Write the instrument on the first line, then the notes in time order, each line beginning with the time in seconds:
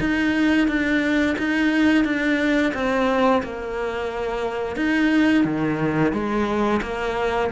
cello
0.00 D#4
0.68 D4
1.38 D#4
2.04 D4
2.74 C4
3.43 A#3
4.76 D#4
5.44 D#3
6.12 G#3
6.82 A#3